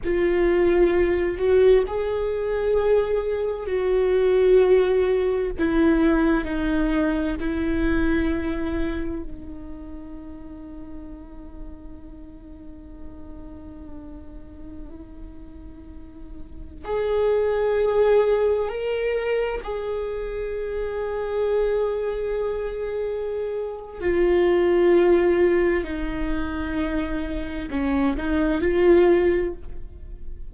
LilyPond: \new Staff \with { instrumentName = "viola" } { \time 4/4 \tempo 4 = 65 f'4. fis'8 gis'2 | fis'2 e'4 dis'4 | e'2 dis'2~ | dis'1~ |
dis'2~ dis'16 gis'4.~ gis'16~ | gis'16 ais'4 gis'2~ gis'8.~ | gis'2 f'2 | dis'2 cis'8 dis'8 f'4 | }